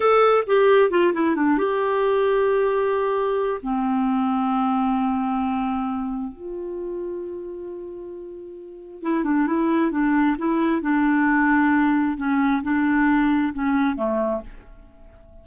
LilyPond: \new Staff \with { instrumentName = "clarinet" } { \time 4/4 \tempo 4 = 133 a'4 g'4 f'8 e'8 d'8 g'8~ | g'1 | c'1~ | c'2 f'2~ |
f'1 | e'8 d'8 e'4 d'4 e'4 | d'2. cis'4 | d'2 cis'4 a4 | }